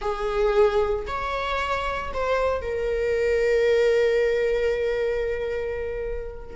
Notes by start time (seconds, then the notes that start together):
0.01 G#4
1.07 C#5
2.13 C5
2.61 A#4